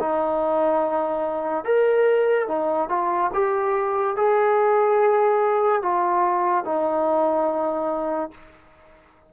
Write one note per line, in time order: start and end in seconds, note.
0.00 1.65 D#4
1.65 2.48 A#4
2.48 2.89 D#4
2.89 3.31 F4
3.34 4.16 G4
4.16 5.82 G#4
5.82 6.65 F4
6.65 8.31 D#4